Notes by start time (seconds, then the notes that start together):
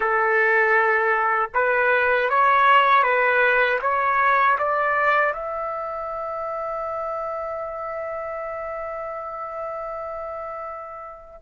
0.00 A4
1.54 B4
2.29 C#5
3.03 B4
3.81 C#5
4.58 D5
5.33 E5